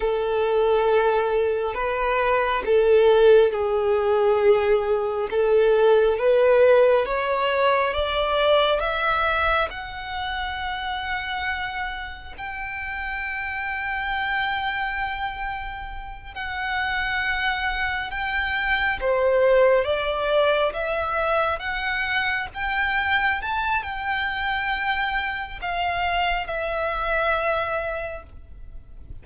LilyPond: \new Staff \with { instrumentName = "violin" } { \time 4/4 \tempo 4 = 68 a'2 b'4 a'4 | gis'2 a'4 b'4 | cis''4 d''4 e''4 fis''4~ | fis''2 g''2~ |
g''2~ g''8 fis''4.~ | fis''8 g''4 c''4 d''4 e''8~ | e''8 fis''4 g''4 a''8 g''4~ | g''4 f''4 e''2 | }